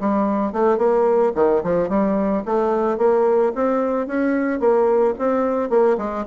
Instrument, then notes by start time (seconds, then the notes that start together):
bassoon
0.00 G3
0.53 A3
0.78 A#3
1.35 D#3
1.63 F3
1.89 G3
2.45 A3
2.98 A#3
3.55 C4
4.07 C#4
4.59 A#3
5.18 C4
5.70 A#3
5.98 G#3